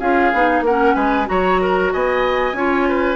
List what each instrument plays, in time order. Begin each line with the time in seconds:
0.00 bassoon C#4, clarinet F4, oboe G#4, flute F5
0.34 bassoon B3, clarinet D#4
0.61 bassoon A#3, oboe A#4, flute F#5
0.69 clarinet C#4
0.95 bassoon G#3, oboe B4, flute G#5
1.26 bassoon F#3, clarinet F#4, oboe C#5, flute A#5
1.62 oboe A#4
1.93 bassoon B3, oboe D#5, flute G#5
2.53 bassoon C#4, clarinet F4, oboe C#5
2.89 oboe B4